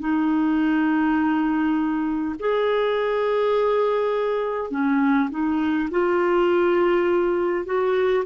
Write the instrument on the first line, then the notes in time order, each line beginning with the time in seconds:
clarinet
0.00 D#4
2.40 G#4
4.71 C#4
5.30 D#4
5.91 F4
7.65 F#4